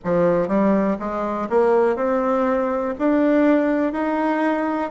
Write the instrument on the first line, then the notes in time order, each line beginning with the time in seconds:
bassoon
0.04 F3
0.47 G3
0.99 G#3
1.49 A#3
1.95 C4
2.98 D4
3.92 D#4